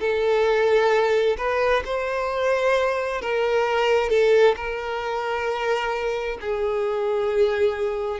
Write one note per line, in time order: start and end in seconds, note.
0.00 1.36 A4
1.38 1.83 B4
1.85 3.21 C5
3.21 4.10 A#4
4.10 4.55 A4
4.56 6.38 A#4
6.41 8.20 G#4